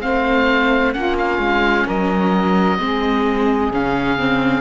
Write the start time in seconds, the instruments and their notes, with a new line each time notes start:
0.00 cello A3, viola C4, saxophone C5, oboe F5
0.92 cello A#3, viola C#4, saxophone F4, oboe F#5
1.17 oboe F5
1.38 cello G#3
1.85 cello F#3, saxophone A#4, oboe D#5
2.78 cello G#3, viola C4, saxophone G#4
3.70 cello C#3, viola C#4, oboe F5
4.18 viola C4